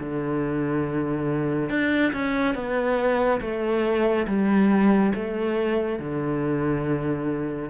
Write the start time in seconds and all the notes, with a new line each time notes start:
0.00 D3
1.69 D4
2.13 C#4
2.55 B3
3.41 A3
4.27 G3
5.15 A3
5.99 D3